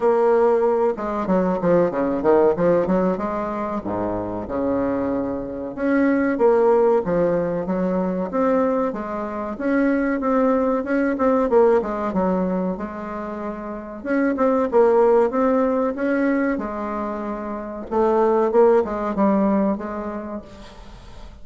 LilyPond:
\new Staff \with { instrumentName = "bassoon" } { \time 4/4 \tempo 4 = 94 ais4. gis8 fis8 f8 cis8 dis8 | f8 fis8 gis4 gis,4 cis4~ | cis4 cis'4 ais4 f4 | fis4 c'4 gis4 cis'4 |
c'4 cis'8 c'8 ais8 gis8 fis4 | gis2 cis'8 c'8 ais4 | c'4 cis'4 gis2 | a4 ais8 gis8 g4 gis4 | }